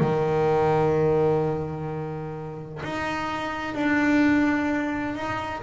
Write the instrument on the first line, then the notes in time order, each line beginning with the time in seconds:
double bass
0.00 D#3
2.83 D#4
3.75 D4
5.15 D#4